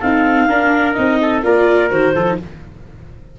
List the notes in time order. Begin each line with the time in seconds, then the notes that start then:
0.00 C4 D#4 A4 F5
0.49 D4 A#4
0.93 C4 D#4 D#5
1.22 A4
1.43 A#3 F4 A#4 D5
1.90 D#3 F#4 C5
2.15 F3 F4 A4
2.26 D#4